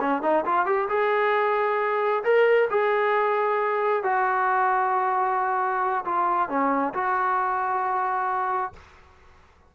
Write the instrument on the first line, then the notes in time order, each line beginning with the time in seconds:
trombone
0.00 C#4
0.22 D#4
0.45 F4
0.66 G4
0.89 G#4
2.24 A#4
2.70 G#4
4.03 F#4
6.05 F4
6.49 C#4
6.94 F#4